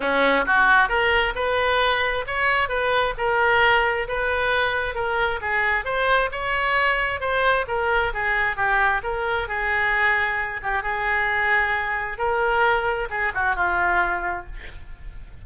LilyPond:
\new Staff \with { instrumentName = "oboe" } { \time 4/4 \tempo 4 = 133 cis'4 fis'4 ais'4 b'4~ | b'4 cis''4 b'4 ais'4~ | ais'4 b'2 ais'4 | gis'4 c''4 cis''2 |
c''4 ais'4 gis'4 g'4 | ais'4 gis'2~ gis'8 g'8 | gis'2. ais'4~ | ais'4 gis'8 fis'8 f'2 | }